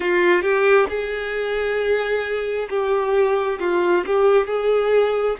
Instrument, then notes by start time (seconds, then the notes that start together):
violin
0.00 F4
0.42 G4
0.89 G#4
2.69 G4
3.59 F4
4.06 G4
4.46 G#4